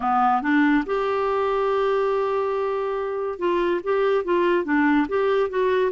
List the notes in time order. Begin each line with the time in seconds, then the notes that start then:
0.00 B3
0.41 D4
0.85 G4
3.38 F4
3.83 G4
4.24 F4
4.64 D4
5.08 G4
5.49 F#4